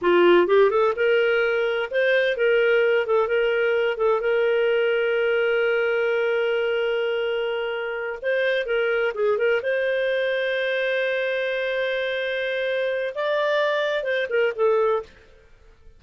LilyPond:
\new Staff \with { instrumentName = "clarinet" } { \time 4/4 \tempo 4 = 128 f'4 g'8 a'8 ais'2 | c''4 ais'4. a'8 ais'4~ | ais'8 a'8 ais'2.~ | ais'1~ |
ais'4. c''4 ais'4 gis'8 | ais'8 c''2.~ c''8~ | c''1 | d''2 c''8 ais'8 a'4 | }